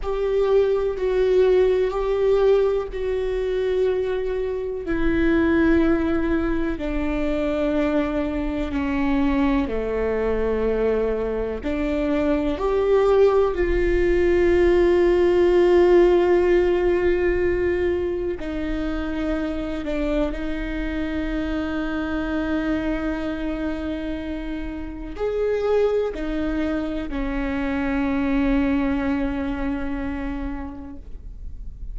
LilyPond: \new Staff \with { instrumentName = "viola" } { \time 4/4 \tempo 4 = 62 g'4 fis'4 g'4 fis'4~ | fis'4 e'2 d'4~ | d'4 cis'4 a2 | d'4 g'4 f'2~ |
f'2. dis'4~ | dis'8 d'8 dis'2.~ | dis'2 gis'4 dis'4 | cis'1 | }